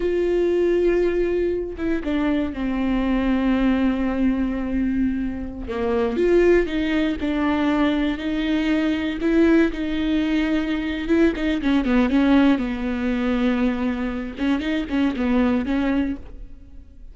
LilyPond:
\new Staff \with { instrumentName = "viola" } { \time 4/4 \tempo 4 = 119 f'2.~ f'8 e'8 | d'4 c'2.~ | c'2.~ c'16 ais8.~ | ais16 f'4 dis'4 d'4.~ d'16~ |
d'16 dis'2 e'4 dis'8.~ | dis'2 e'8 dis'8 cis'8 b8 | cis'4 b2.~ | b8 cis'8 dis'8 cis'8 b4 cis'4 | }